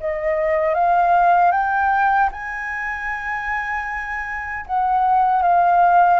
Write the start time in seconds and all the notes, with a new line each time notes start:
0.00 D#5
0.74 F5
1.51 G5
2.32 G#5
4.66 F#5
5.42 F5